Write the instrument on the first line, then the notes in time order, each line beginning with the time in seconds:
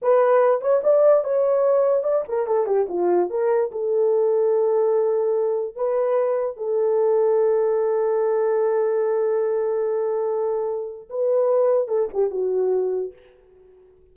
horn
0.01 B4
0.61 C#5
0.83 D5
1.24 C#5
2.03 D5
2.28 A#4
2.46 A4
2.66 G4
2.88 F4
3.30 A#4
3.71 A4
5.75 B4
6.57 A4
11.09 B4
11.88 A4
12.13 G4
12.30 F#4